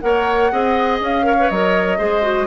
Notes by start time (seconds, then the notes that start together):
0.00 A#3 A#4 C#5 F#5
0.51 C4 G#4 D#5
1.00 C#4 F5
1.23 A#4 C#5
1.39 B4
1.49 F#3 A#4 D#5
1.98 G#3 G#4 C5
2.22 F#4